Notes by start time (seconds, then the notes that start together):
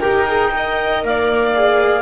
0.00 D#4 G4 A#4 G5
0.27 G#4
0.55 A#4 D#5
1.04 A#3 D5 F5
1.55 G#4